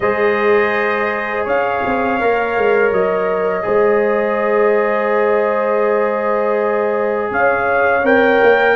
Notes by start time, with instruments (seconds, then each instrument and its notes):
0.00 tuba G#3, trombone G#4, horn C5, trumpet D#5
1.45 tuba C#4, horn C#5, trumpet F5
1.85 tuba C4
2.20 tuba A#3, trombone A#4
2.56 tuba G#3
2.92 tuba F#3, trumpet D#5
3.62 tuba G#3, trombone G#4, horn C5
7.30 tuba C#4, horn C#5, trumpet F5
8.02 tuba C4, trombone A#4, trumpet G5
8.43 tuba A#3